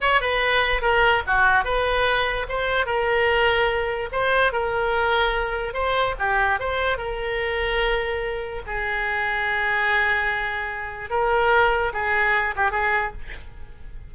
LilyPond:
\new Staff \with { instrumentName = "oboe" } { \time 4/4 \tempo 4 = 146 cis''8 b'4. ais'4 fis'4 | b'2 c''4 ais'4~ | ais'2 c''4 ais'4~ | ais'2 c''4 g'4 |
c''4 ais'2.~ | ais'4 gis'2.~ | gis'2. ais'4~ | ais'4 gis'4. g'8 gis'4 | }